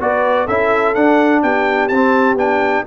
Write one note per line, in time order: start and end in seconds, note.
0.00 0.48 B3
0.00 0.48 F#4
0.00 0.46 B4
0.00 0.48 D5
0.46 0.95 C#4
0.46 0.96 E4
0.46 1.41 A4
0.46 0.95 E5
0.95 1.43 D4
0.95 1.91 D4
0.95 1.42 F#5
1.43 1.90 B3
1.43 2.86 G4
1.43 1.88 G5
1.88 2.35 C4
1.88 2.36 A5
1.95 2.37 C4
2.35 2.82 B3
2.35 2.85 D4
2.35 2.86 G5